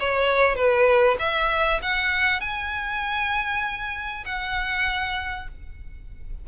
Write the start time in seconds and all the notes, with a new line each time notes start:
0.00 C#5
0.56 B4
1.19 E5
1.82 F#5
2.41 G#5
4.26 F#5